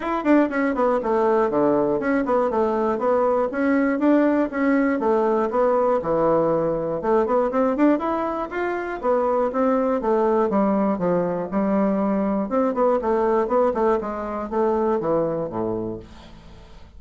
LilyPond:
\new Staff \with { instrumentName = "bassoon" } { \time 4/4 \tempo 4 = 120 e'8 d'8 cis'8 b8 a4 d4 | cis'8 b8 a4 b4 cis'4 | d'4 cis'4 a4 b4 | e2 a8 b8 c'8 d'8 |
e'4 f'4 b4 c'4 | a4 g4 f4 g4~ | g4 c'8 b8 a4 b8 a8 | gis4 a4 e4 a,4 | }